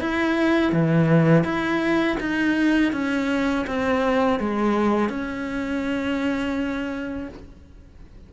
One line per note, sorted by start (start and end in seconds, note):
0.00 0.72 E4
0.72 1.44 E3
1.44 2.17 E4
2.20 2.92 D#4
2.92 3.66 C#4
3.67 4.39 C4
4.39 5.09 G#3
5.09 7.29 C#4